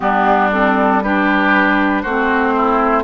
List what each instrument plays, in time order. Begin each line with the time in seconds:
0.00 bassoon G3, clarinet B3, oboe D4, flute G4
0.51 clarinet C4, flute A4
1.02 clarinet D4, oboe G4, flute B4
2.01 bassoon A3, clarinet C4, oboe F#4, flute C5
2.56 oboe E4